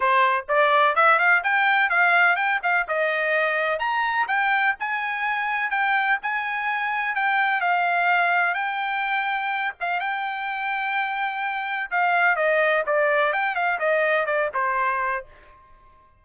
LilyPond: \new Staff \with { instrumentName = "trumpet" } { \time 4/4 \tempo 4 = 126 c''4 d''4 e''8 f''8 g''4 | f''4 g''8 f''8 dis''2 | ais''4 g''4 gis''2 | g''4 gis''2 g''4 |
f''2 g''2~ | g''8 f''8 g''2.~ | g''4 f''4 dis''4 d''4 | g''8 f''8 dis''4 d''8 c''4. | }